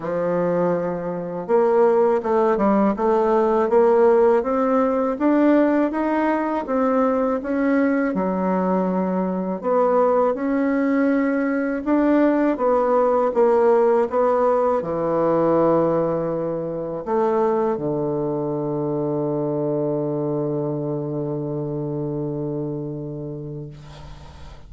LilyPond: \new Staff \with { instrumentName = "bassoon" } { \time 4/4 \tempo 4 = 81 f2 ais4 a8 g8 | a4 ais4 c'4 d'4 | dis'4 c'4 cis'4 fis4~ | fis4 b4 cis'2 |
d'4 b4 ais4 b4 | e2. a4 | d1~ | d1 | }